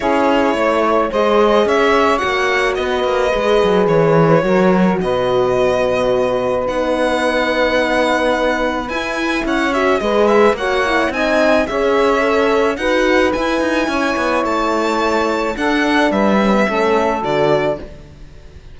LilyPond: <<
  \new Staff \with { instrumentName = "violin" } { \time 4/4 \tempo 4 = 108 cis''2 dis''4 e''4 | fis''4 dis''2 cis''4~ | cis''4 dis''2. | fis''1 |
gis''4 fis''8 e''8 dis''8 e''8 fis''4 | gis''4 e''2 fis''4 | gis''2 a''2 | fis''4 e''2 d''4 | }
  \new Staff \with { instrumentName = "saxophone" } { \time 4/4 gis'4 cis''4 c''4 cis''4~ | cis''4 b'2. | ais'4 b'2.~ | b'1~ |
b'4 cis''4 b'4 cis''4 | dis''4 cis''2 b'4~ | b'4 cis''2. | a'4 b'4 a'2 | }
  \new Staff \with { instrumentName = "horn" } { \time 4/4 e'2 gis'2 | fis'2 gis'2 | fis'1 | dis'1 |
e'4. fis'8 gis'4 fis'8 e'8 | dis'4 gis'4 a'4 fis'4 | e'1 | d'4. cis'16 b16 cis'4 fis'4 | }
  \new Staff \with { instrumentName = "cello" } { \time 4/4 cis'4 a4 gis4 cis'4 | ais4 b8 ais8 gis8 fis8 e4 | fis4 b,2. | b1 |
e'4 cis'4 gis4 ais4 | c'4 cis'2 dis'4 | e'8 dis'8 cis'8 b8 a2 | d'4 g4 a4 d4 | }
>>